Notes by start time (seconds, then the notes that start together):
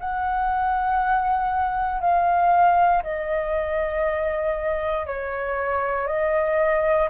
0.00 F#5
2.01 F5
3.04 D#5
5.07 C#5
6.07 D#5